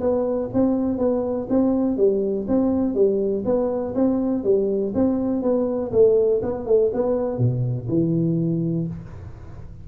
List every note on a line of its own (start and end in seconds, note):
0.00 0.49 B3
0.53 0.98 C4
0.98 1.47 B3
1.49 1.97 C4
1.97 2.46 G3
2.48 2.94 C4
2.94 3.44 G3
3.45 3.94 B3
3.95 4.44 C4
4.44 4.93 G3
4.94 5.42 C4
5.42 5.91 B3
5.92 6.41 A3
6.42 6.66 B3
6.66 6.91 A3
6.93 7.38 B3
7.38 7.87 B2
7.88 8.87 E3